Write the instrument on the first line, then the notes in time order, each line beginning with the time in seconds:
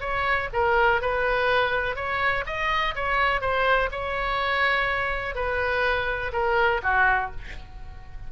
oboe
0.00 C#5
0.53 A#4
1.01 B4
1.96 C#5
2.46 D#5
2.95 C#5
3.41 C5
3.91 C#5
5.35 B4
6.33 A#4
6.82 F#4